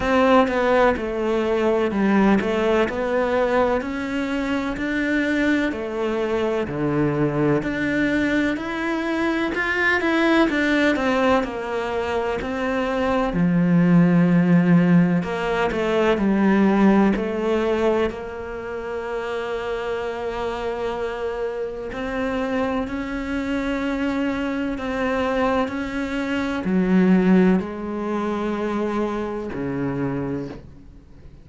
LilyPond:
\new Staff \with { instrumentName = "cello" } { \time 4/4 \tempo 4 = 63 c'8 b8 a4 g8 a8 b4 | cis'4 d'4 a4 d4 | d'4 e'4 f'8 e'8 d'8 c'8 | ais4 c'4 f2 |
ais8 a8 g4 a4 ais4~ | ais2. c'4 | cis'2 c'4 cis'4 | fis4 gis2 cis4 | }